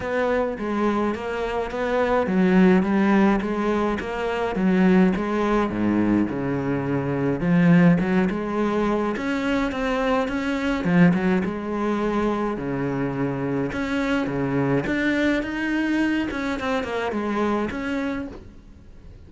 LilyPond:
\new Staff \with { instrumentName = "cello" } { \time 4/4 \tempo 4 = 105 b4 gis4 ais4 b4 | fis4 g4 gis4 ais4 | fis4 gis4 gis,4 cis4~ | cis4 f4 fis8 gis4. |
cis'4 c'4 cis'4 f8 fis8 | gis2 cis2 | cis'4 cis4 d'4 dis'4~ | dis'8 cis'8 c'8 ais8 gis4 cis'4 | }